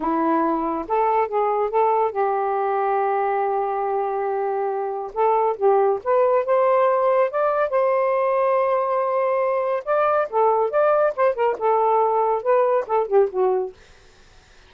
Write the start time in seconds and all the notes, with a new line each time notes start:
0.00 E4
0.88 A4
1.28 G#4
1.70 A4
2.11 G4
5.13 A4
5.56 G4
6.04 B4
6.45 C5
7.30 D5
7.69 C5
9.85 D5
10.30 A4
10.70 D5
11.15 C5
11.34 A#4
11.58 A4
12.42 B4
12.86 A4
13.07 G4
13.30 F#4